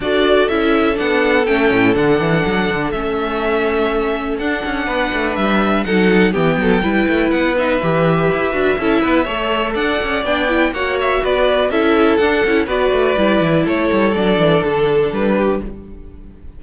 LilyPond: <<
  \new Staff \with { instrumentName = "violin" } { \time 4/4 \tempo 4 = 123 d''4 e''4 fis''4 g''4 | fis''2 e''2~ | e''4 fis''2 e''4 | fis''4 g''2 fis''8 e''8~ |
e''1 | fis''4 g''4 fis''8 e''8 d''4 | e''4 fis''4 d''2 | cis''4 d''4 a'4 b'4 | }
  \new Staff \with { instrumentName = "violin" } { \time 4/4 a'1~ | a'1~ | a'2 b'2 | a'4 g'8 a'8 b'2~ |
b'2 a'8 b'8 cis''4 | d''2 cis''4 b'4 | a'2 b'2 | a'2.~ a'8 g'8 | }
  \new Staff \with { instrumentName = "viola" } { \time 4/4 fis'4 e'4 d'4 cis'4 | d'2 cis'2~ | cis'4 d'2. | dis'4 b4 e'4. dis'8 |
g'4. fis'8 e'4 a'4~ | a'4 d'8 e'8 fis'2 | e'4 d'8 e'8 fis'4 e'4~ | e'4 d'2. | }
  \new Staff \with { instrumentName = "cello" } { \time 4/4 d'4 cis'4 b4 a8 a,8 | d8 e8 fis8 d8 a2~ | a4 d'8 cis'8 b8 a8 g4 | fis4 e8 fis8 g8 a8 b4 |
e4 e'8 d'8 cis'8 b8 a4 | d'8 cis'8 b4 ais4 b4 | cis'4 d'8 cis'8 b8 a8 g8 e8 | a8 g8 fis8 e8 d4 g4 | }
>>